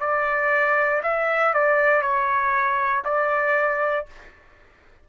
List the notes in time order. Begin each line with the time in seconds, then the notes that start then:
0.00 D5
1.03 E5
1.53 D5
2.02 C#5
3.05 D5